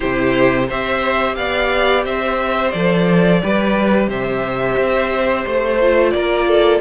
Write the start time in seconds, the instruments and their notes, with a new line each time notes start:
0.00 cello C3, viola E4, violin G4 C5
0.67 cello C4, viola G4, violin C5 E5
1.35 cello B3, violin D5 F5
2.05 cello C4, violin C5 E5
2.70 cello F3, viola A4, violin D5
3.41 cello G3, viola G4, violin B4
4.07 cello C3, violin C5 E5
4.77 cello C4
5.45 cello A3, violin C5
5.80 viola F4
6.11 cello A#3, violin A#4 D5
6.47 violin A4